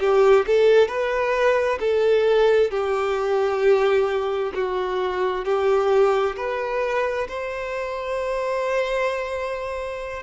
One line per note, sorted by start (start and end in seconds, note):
0.00 0.45 G4
0.47 0.88 A4
0.88 1.79 B4
1.80 2.70 A4
2.70 4.52 G4
4.55 5.45 F#4
5.45 6.36 G4
6.36 7.27 B4
7.28 10.23 C5